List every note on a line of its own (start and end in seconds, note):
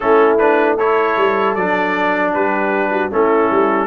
0.00 1.16 A3
0.00 0.38 C#4
0.00 0.76 E4
0.00 0.37 A4
0.38 0.77 D4
0.38 0.77 B4
0.76 1.57 E4
0.76 2.32 A4
0.76 1.55 C#5
1.16 1.55 G3
1.55 2.33 F#3
1.55 3.11 D4
1.55 2.32 D5
2.33 3.11 G3
2.33 2.91 G4
2.33 3.11 B4
2.91 3.10 F#4
3.11 3.50 A3
3.11 3.87 C#4
3.11 3.87 E4
3.11 3.87 A4
3.50 3.87 G3